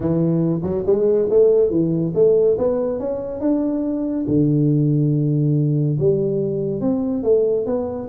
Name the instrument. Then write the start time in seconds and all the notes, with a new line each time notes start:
tuba
0.00 E3
0.62 F#3
0.86 G#3
1.30 A3
1.70 E3
2.14 A3
2.57 B3
2.99 C#4
3.40 D4
4.27 D3
5.99 G3
6.80 C4
7.23 A3
7.66 B3